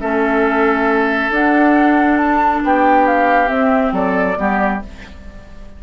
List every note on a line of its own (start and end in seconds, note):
0.00 1.29 A3
0.00 1.32 C#4
0.00 2.63 A4
0.00 1.31 E5
1.29 2.61 D4
1.29 3.47 D4
1.29 2.17 F#5
2.17 2.61 A5
2.63 3.49 B3
2.63 3.93 G4
2.63 3.07 G5
3.07 3.48 F5
3.47 4.34 C4
3.47 3.92 C4
3.47 3.92 E5
3.92 4.36 F#3
3.92 4.37 A4
3.92 4.82 D5
4.36 4.82 G3
4.36 4.80 B3
4.36 4.83 G4